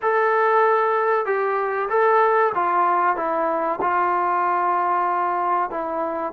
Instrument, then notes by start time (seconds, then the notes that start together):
trombone
0.01 A4
1.25 G4
1.89 A4
2.54 F4
3.16 E4
3.81 F4
5.70 E4